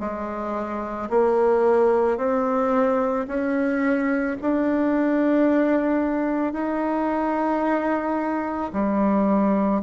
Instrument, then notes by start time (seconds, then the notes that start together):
bassoon
0.00 G#3
1.10 A#3
2.17 C4
3.28 C#4
4.42 D4
6.53 D#4
8.73 G3